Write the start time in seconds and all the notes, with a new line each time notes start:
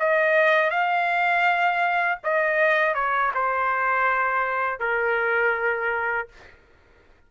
0.00 D#5
0.71 F5
2.24 D#5
2.95 C#5
3.35 C5
4.80 A#4